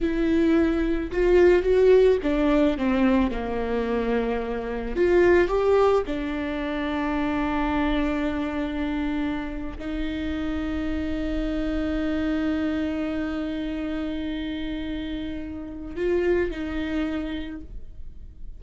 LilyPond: \new Staff \with { instrumentName = "viola" } { \time 4/4 \tempo 4 = 109 e'2 f'4 fis'4 | d'4 c'4 ais2~ | ais4 f'4 g'4 d'4~ | d'1~ |
d'4.~ d'16 dis'2~ dis'16~ | dis'1~ | dis'1~ | dis'4 f'4 dis'2 | }